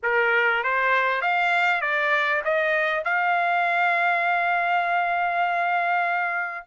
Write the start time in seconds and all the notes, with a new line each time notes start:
0.02 A#4
0.63 C5
1.21 F5
1.81 D5
2.44 D#5
3.04 F5